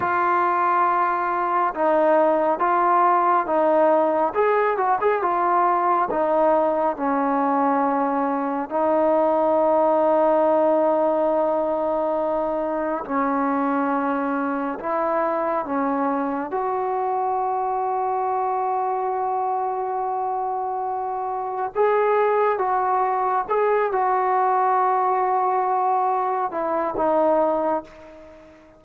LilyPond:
\new Staff \with { instrumentName = "trombone" } { \time 4/4 \tempo 4 = 69 f'2 dis'4 f'4 | dis'4 gis'8 fis'16 gis'16 f'4 dis'4 | cis'2 dis'2~ | dis'2. cis'4~ |
cis'4 e'4 cis'4 fis'4~ | fis'1~ | fis'4 gis'4 fis'4 gis'8 fis'8~ | fis'2~ fis'8 e'8 dis'4 | }